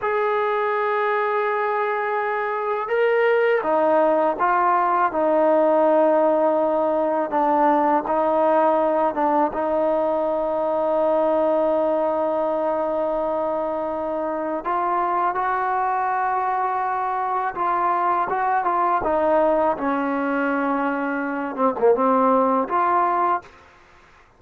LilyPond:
\new Staff \with { instrumentName = "trombone" } { \time 4/4 \tempo 4 = 82 gis'1 | ais'4 dis'4 f'4 dis'4~ | dis'2 d'4 dis'4~ | dis'8 d'8 dis'2.~ |
dis'1 | f'4 fis'2. | f'4 fis'8 f'8 dis'4 cis'4~ | cis'4. c'16 ais16 c'4 f'4 | }